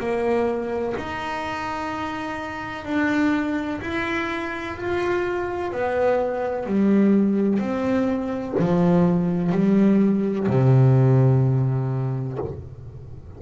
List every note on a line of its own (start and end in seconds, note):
0.00 0.95 A#3
0.98 2.86 D#4
2.86 3.81 D4
3.81 4.77 E4
4.77 5.72 F4
5.72 6.67 B3
6.67 7.60 G3
7.60 8.55 C4
8.59 9.53 F3
9.53 10.48 G3
10.48 12.39 C3